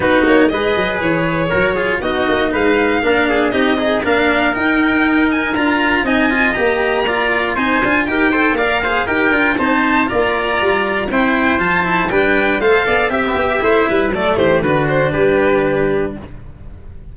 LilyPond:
<<
  \new Staff \with { instrumentName = "violin" } { \time 4/4 \tempo 4 = 119 b'8 cis''8 dis''4 cis''2 | dis''4 f''2 dis''4 | f''4 g''4. gis''8 ais''4 | gis''4 ais''2 gis''4 |
g''4 f''4 g''4 a''4 | ais''2 g''4 a''4 | g''4 f''4 e''2 | d''8 c''8 b'8 c''8 b'2 | }
  \new Staff \with { instrumentName = "trumpet" } { \time 4/4 fis'4 b'2 ais'8 gis'8 | fis'4 b'4 ais'8 gis'8 g'8 dis'8 | ais'1 | dis''2 d''4 c''4 |
ais'8 c''8 d''8 c''8 ais'4 c''4 | d''2 c''2 | b'4 c''8 d''8 e''16 b16 g'8 c''8 b'8 | a'8 g'8 fis'4 g'2 | }
  \new Staff \with { instrumentName = "cello" } { \time 4/4 dis'4 gis'2 fis'8 f'8 | dis'2 d'4 dis'8 gis'8 | d'4 dis'2 f'4 | dis'8 f'8 g'4 f'4 dis'8 f'8 |
g'8 a'8 ais'8 gis'8 g'8 f'8 dis'4 | f'2 e'4 f'8 e'8 | d'4 a'4 g'4 e'4 | a4 d'2. | }
  \new Staff \with { instrumentName = "tuba" } { \time 4/4 b8 ais8 gis8 fis8 e4 fis4 | b8 ais8 gis4 ais4 c'4 | ais4 dis'2 d'4 | c'4 ais2 c'8 d'8 |
dis'4 ais4 dis'8 d'8 c'4 | ais4 g4 c'4 f4 | g4 a8 b8 c'8 b8 a8 g8 | fis8 e8 d4 g2 | }
>>